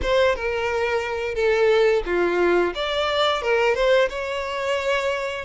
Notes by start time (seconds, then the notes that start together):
0.02 C5
0.35 A#4
1.34 A4
2.05 F4
2.74 D5
3.42 A#4
3.74 C5
4.09 C#5